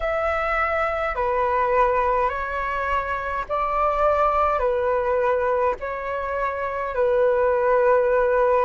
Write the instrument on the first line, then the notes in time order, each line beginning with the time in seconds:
flute
0.00 E5
1.15 B4
2.29 C#5
3.49 D5
4.59 B4
5.80 C#5
6.94 B4